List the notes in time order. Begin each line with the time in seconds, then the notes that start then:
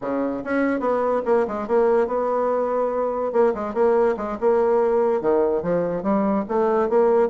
0.01 C#3
0.43 C#4
0.80 B3
1.25 A#3
1.47 G#3
1.67 A#3
2.07 B3
3.32 A#3
3.54 G#3
3.74 A#3
4.16 G#3
4.40 A#3
5.21 D#3
5.62 F3
6.02 G3
6.48 A3
6.89 A#3